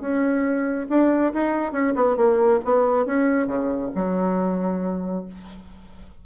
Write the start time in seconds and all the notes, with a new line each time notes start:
0.00 C#4
0.89 D4
1.34 D#4
1.72 C#4
1.95 B3
2.16 A#3
2.65 B3
3.06 C#4
3.47 C#3
3.95 F#3